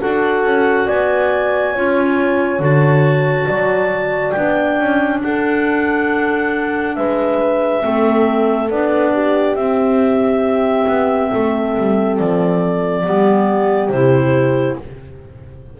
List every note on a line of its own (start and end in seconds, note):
0.00 0.44 D4
0.00 1.74 F#4
0.00 0.86 A4
0.00 0.88 F#5
0.44 0.87 C#4
0.86 1.76 B3
0.86 1.72 D5
0.86 2.62 G#5
1.72 2.59 C#4
1.72 2.59 F4
1.72 3.46 C#5
2.59 3.46 D3
2.59 4.33 F#4
2.59 4.31 A5
3.47 4.35 F#3
3.47 5.21 D5
4.31 4.80 B3
4.31 7.81 D4
4.31 5.18 G5
4.80 5.23 C#4
5.23 6.97 D4
5.23 6.97 A4
5.23 6.95 F#5
6.95 7.84 G#3
6.95 7.84 B4
6.95 8.69 E5
7.81 8.70 A3
7.81 8.68 C4
7.81 9.13 A4
8.70 9.55 B3
8.70 9.56 D4
8.70 9.55 D5
9.13 11.31 G4
9.55 10.86 C4
9.55 13.04 C4
9.55 12.16 E5
10.87 11.31 B3
11.32 11.77 A3
11.32 13.04 A4
11.78 12.19 G3
12.18 13.05 F3
12.18 13.89 D5
13.04 13.89 G3
13.04 13.91 B3
13.04 14.78 G4
13.89 14.76 C3
13.89 14.80 E4
13.89 14.76 C5